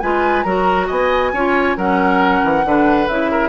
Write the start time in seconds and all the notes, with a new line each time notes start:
0.00 G#3 F4 B4 G#5
0.43 F#3 F#4 A#4 A#5
0.87 B3 D#5 G#5
1.33 C#4 F4 C#5
1.77 F#3 C#4 A#4 F#5
2.44 E3
2.65 D3 D4 B4
3.08 C#3 E4 E5
3.32 A#4